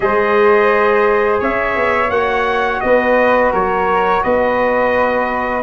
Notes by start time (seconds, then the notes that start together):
0.00 G#3 G#4 C5 D#5
1.39 C#4 C#5 E5
1.76 B3
2.10 A#3 F#4 F#5
2.80 B3 B4 D#5
3.51 F#3 A#4 C#5
4.23 B3 B4 D#5